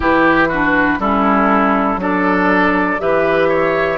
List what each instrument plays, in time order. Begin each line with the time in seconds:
0.00 bassoon E3, clarinet E4, oboe G4, flute B4
0.48 clarinet D4, oboe F#4
0.98 bassoon G3, clarinet C#4, oboe E4, flute A4
1.96 bassoon F#3, clarinet D4, oboe A4, flute D5
2.98 bassoon E3, clarinet G4, oboe B4, flute E5
3.48 oboe C#5